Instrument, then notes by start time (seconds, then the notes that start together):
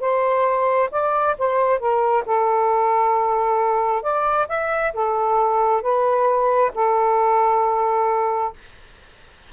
saxophone
0.00 C5
0.91 D5
1.38 C5
1.79 A#4
2.26 A4
4.02 D5
4.49 E5
4.93 A4
5.82 B4
6.74 A4